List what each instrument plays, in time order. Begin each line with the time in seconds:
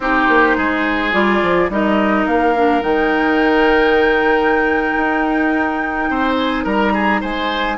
0.00 bassoon C4, clarinet D#4, oboe G4, flute C5
0.28 bassoon A#3
0.57 bassoon G#3, oboe G#4
1.12 bassoon G3, clarinet F4, flute D5
1.42 bassoon F3
1.69 bassoon G3, clarinet D#4, oboe A#4, flute D#5
2.25 bassoon A#3, flute F5
2.55 clarinet D4
2.81 bassoon D#3, clarinet D#4, flute G5
4.97 bassoon D#4
6.09 bassoon C4, oboe C5
6.36 flute G#5
6.64 bassoon G3, oboe A#4, flute A#5
6.93 oboe G#4
7.20 bassoon G#3, oboe C5, flute G#5